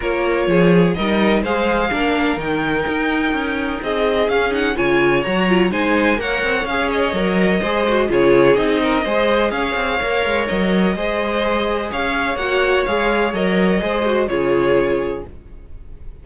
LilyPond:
<<
  \new Staff \with { instrumentName = "violin" } { \time 4/4 \tempo 4 = 126 cis''2 dis''4 f''4~ | f''4 g''2. | dis''4 f''8 fis''8 gis''4 ais''4 | gis''4 fis''4 f''8 dis''4.~ |
dis''4 cis''4 dis''2 | f''2 dis''2~ | dis''4 f''4 fis''4 f''4 | dis''2 cis''2 | }
  \new Staff \with { instrumentName = "violin" } { \time 4/4 ais'4 gis'4 ais'4 c''4 | ais'1 | gis'2 cis''2 | c''4 cis''2. |
c''4 gis'4. ais'8 c''4 | cis''2. c''4~ | c''4 cis''2.~ | cis''4 c''4 gis'2 | }
  \new Staff \with { instrumentName = "viola" } { \time 4/4 f'2 dis'4 gis'4 | d'4 dis'2.~ | dis'4 cis'8 dis'8 f'4 fis'8 f'8 | dis'4 ais'4 gis'4 ais'4 |
gis'8 fis'8 f'4 dis'4 gis'4~ | gis'4 ais'2 gis'4~ | gis'2 fis'4 gis'4 | ais'4 gis'8 fis'8 f'2 | }
  \new Staff \with { instrumentName = "cello" } { \time 4/4 ais4 f4 g4 gis4 | ais4 dis4 dis'4 cis'4 | c'4 cis'4 cis4 fis4 | gis4 ais8 c'8 cis'4 fis4 |
gis4 cis4 c'4 gis4 | cis'8 c'8 ais8 gis8 fis4 gis4~ | gis4 cis'4 ais4 gis4 | fis4 gis4 cis2 | }
>>